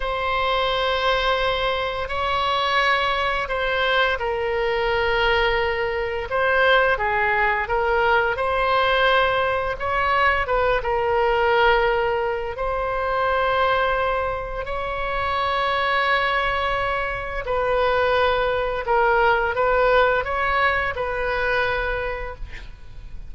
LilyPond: \new Staff \with { instrumentName = "oboe" } { \time 4/4 \tempo 4 = 86 c''2. cis''4~ | cis''4 c''4 ais'2~ | ais'4 c''4 gis'4 ais'4 | c''2 cis''4 b'8 ais'8~ |
ais'2 c''2~ | c''4 cis''2.~ | cis''4 b'2 ais'4 | b'4 cis''4 b'2 | }